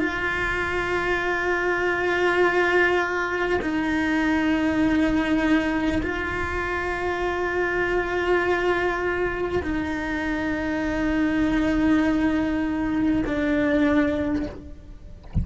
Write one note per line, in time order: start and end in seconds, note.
0.00 3.60 F4
3.62 6.02 D#4
6.03 9.63 F4
9.64 13.24 D#4
13.27 14.47 D4